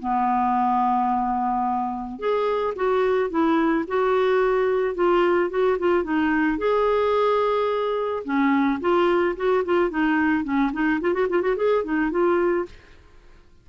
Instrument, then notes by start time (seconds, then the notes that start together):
clarinet
0.00 B3
2.19 G#4
2.76 F#4
3.30 E4
3.88 F#4
4.95 F4
5.50 F#4
5.79 F4
6.04 D#4
6.58 G#4
8.25 C#4
8.81 F4
9.37 F#4
9.65 F4
9.90 D#4
10.44 C#4
10.73 D#4
11.01 F4
11.14 F#4
11.30 F4
11.42 F#4
11.57 G#4
11.84 D#4
12.11 F4